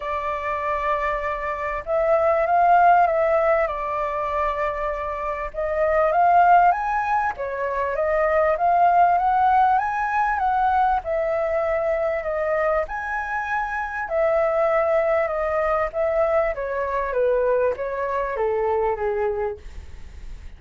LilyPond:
\new Staff \with { instrumentName = "flute" } { \time 4/4 \tempo 4 = 98 d''2. e''4 | f''4 e''4 d''2~ | d''4 dis''4 f''4 gis''4 | cis''4 dis''4 f''4 fis''4 |
gis''4 fis''4 e''2 | dis''4 gis''2 e''4~ | e''4 dis''4 e''4 cis''4 | b'4 cis''4 a'4 gis'4 | }